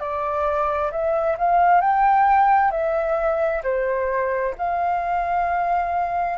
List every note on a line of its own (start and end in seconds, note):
0.00 0.91 D5
0.91 1.37 E5
1.38 1.81 F5
1.81 2.71 G5
2.71 3.62 E5
3.64 4.55 C5
4.58 6.38 F5